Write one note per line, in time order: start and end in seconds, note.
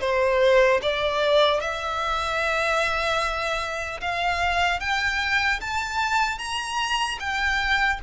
0.00 0.80 C5
0.81 1.60 D5
1.60 4.00 E5
4.00 4.80 F5
4.80 5.60 G5
5.60 6.38 A5
6.38 7.18 A#5
7.19 7.99 G5